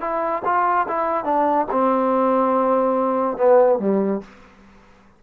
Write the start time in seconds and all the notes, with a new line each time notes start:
0.00 E4
0.45 F4
0.88 E4
1.24 D4
1.71 C4
3.37 B3
3.79 G3